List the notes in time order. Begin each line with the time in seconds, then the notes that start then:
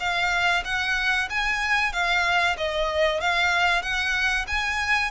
0.00 F5
0.65 F#5
1.30 G#5
1.93 F5
2.58 D#5
3.21 F5
3.83 F#5
4.48 G#5